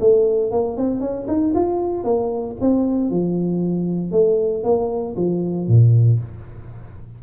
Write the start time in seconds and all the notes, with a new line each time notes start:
0.00 A3
0.51 A#3
0.77 C4
1.00 C#4
1.28 D#4
1.54 F4
2.04 A#3
2.61 C4
3.10 F3
4.12 A3
4.64 A#3
5.16 F3
5.68 A#2